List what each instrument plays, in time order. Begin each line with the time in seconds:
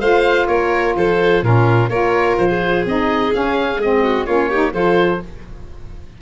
0.00 tuba A3, saxophone F4, violin C5, oboe F5
0.47 tuba A#3, violin A#4, oboe C#5
0.96 tuba F3, violin A4, oboe C5
1.42 tuba A#2, saxophone C#4, violin F4, oboe A#4
1.89 tuba A#3, saxophone F4, violin A#4, oboe C#5
2.38 tuba F3, oboe C5
2.50 violin G#4
2.86 tuba C4, saxophone D#4, oboe D#5
3.32 saxophone C#4, tuba C#4, oboe F5
3.78 tuba G#3, saxophone C4, oboe D#5
4.03 violin F#4
4.26 tuba A#3, saxophone C#4, violin F4, oboe C#5
4.50 saxophone D#4, violin G4
4.72 tuba F3, saxophone F4, violin A4, oboe C5